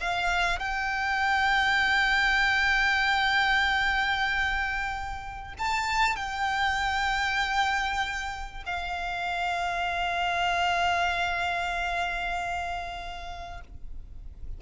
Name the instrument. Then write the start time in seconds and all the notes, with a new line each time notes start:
violin
0.00 F5
0.59 G5
5.58 A5
6.15 G5
8.66 F5